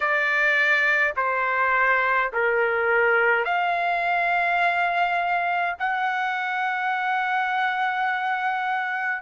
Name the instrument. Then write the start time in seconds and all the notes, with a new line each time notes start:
trumpet
0.00 D5
1.16 C5
2.32 A#4
3.45 F5
5.79 F#5